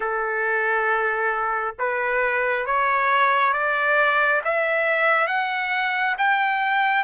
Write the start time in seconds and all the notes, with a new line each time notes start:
0.00 A4
1.78 B4
2.66 C#5
3.53 D5
4.44 E5
5.27 F#5
6.18 G5